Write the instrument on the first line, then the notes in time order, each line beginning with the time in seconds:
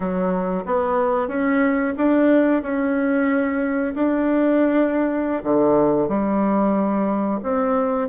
bassoon
0.00 F#3
0.65 B3
1.28 C#4
1.97 D4
2.62 C#4
3.94 D4
5.43 D3
6.08 G3
7.42 C4